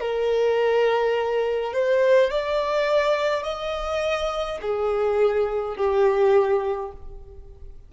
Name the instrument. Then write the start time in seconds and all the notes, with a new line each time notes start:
violin
0.00 A#4
1.73 C5
2.31 D5
3.44 D#5
4.62 G#4
5.76 G4